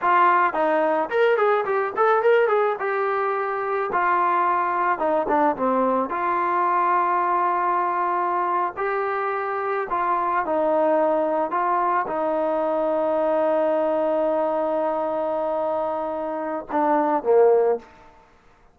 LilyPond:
\new Staff \with { instrumentName = "trombone" } { \time 4/4 \tempo 4 = 108 f'4 dis'4 ais'8 gis'8 g'8 a'8 | ais'8 gis'8 g'2 f'4~ | f'4 dis'8 d'8 c'4 f'4~ | f'2.~ f'8. g'16~ |
g'4.~ g'16 f'4 dis'4~ dis'16~ | dis'8. f'4 dis'2~ dis'16~ | dis'1~ | dis'2 d'4 ais4 | }